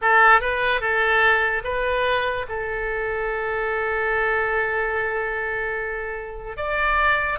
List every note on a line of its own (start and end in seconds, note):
0.01 0.40 A4
0.40 0.80 B4
0.80 1.63 A4
1.63 2.46 B4
2.48 6.57 A4
6.57 7.39 D5